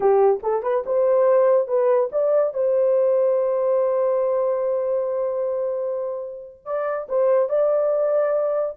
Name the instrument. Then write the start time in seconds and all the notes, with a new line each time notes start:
horn
0.00 G4
0.42 A4
0.63 B4
0.86 C5
1.67 B4
2.12 D5
2.53 C5
6.65 D5
7.09 C5
7.49 D5